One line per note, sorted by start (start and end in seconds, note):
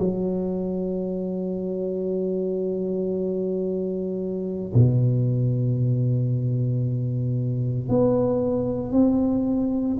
0.00 4.74 F#3
4.75 7.89 B2
7.89 8.93 B3
8.93 9.98 C4